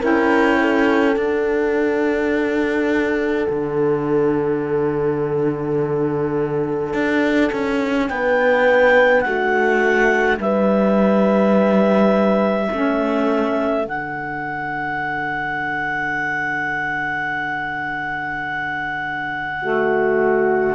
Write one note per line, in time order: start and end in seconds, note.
0.00 1.16 C#4
0.00 1.13 E4
0.00 0.58 A#4
0.00 1.17 G5
0.61 8.11 A4
1.13 12.67 D4
1.13 3.47 D4
1.13 8.08 F#5
3.49 6.93 D3
6.93 7.51 D4
7.52 8.10 C#4
8.08 9.25 B3
8.08 9.26 B4
8.08 9.21 G5
9.21 10.38 A3
9.21 10.40 F#4
9.21 10.36 F#5
10.38 12.69 G3
10.38 12.68 B4
10.38 13.87 E5
12.68 13.85 A3
12.68 13.84 C#4
12.68 19.60 A4
13.84 20.75 D3
13.84 19.60 D4
13.84 20.75 F#5
19.60 20.75 A3
19.60 20.75 F#4